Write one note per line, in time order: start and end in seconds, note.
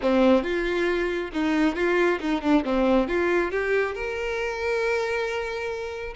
0.02 0.43 C4
0.43 1.30 F4
1.33 1.75 D#4
1.75 2.19 F4
2.20 2.41 D#4
2.41 2.63 D4
2.64 3.08 C4
3.08 3.51 F4
3.51 3.95 G4
3.95 6.14 A#4